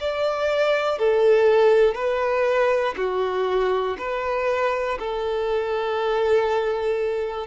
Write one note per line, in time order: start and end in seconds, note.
0.00 0.98 D5
0.98 1.95 A4
1.95 2.95 B4
2.97 3.97 F#4
3.98 4.98 B4
4.99 7.47 A4